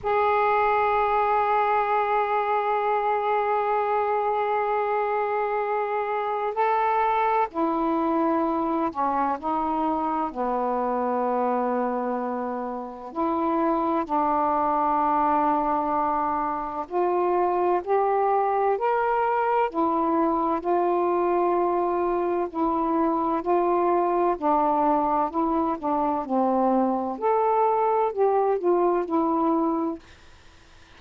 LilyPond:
\new Staff \with { instrumentName = "saxophone" } { \time 4/4 \tempo 4 = 64 gis'1~ | gis'2. a'4 | e'4. cis'8 dis'4 b4~ | b2 e'4 d'4~ |
d'2 f'4 g'4 | ais'4 e'4 f'2 | e'4 f'4 d'4 e'8 d'8 | c'4 a'4 g'8 f'8 e'4 | }